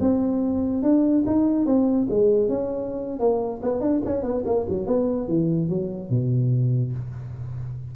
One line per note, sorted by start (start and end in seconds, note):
0.00 0.82 C4
0.82 1.24 D4
1.26 1.66 D#4
1.66 2.07 C4
2.10 2.48 G#3
2.48 3.19 C#4
3.19 3.61 A#3
3.62 3.81 B3
3.81 4.01 D4
4.05 4.22 C#4
4.22 4.43 B3
4.45 4.66 A#3
4.69 4.86 F#3
4.86 5.27 B3
5.27 5.69 E3
5.69 6.09 F#3
6.09 6.92 B2